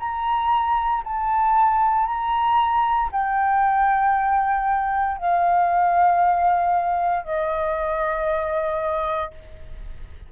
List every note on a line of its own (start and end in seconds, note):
0.00 1.03 A#5
1.04 2.06 A5
2.06 3.10 A#5
3.12 5.18 G5
5.18 7.24 F5
7.24 9.31 D#5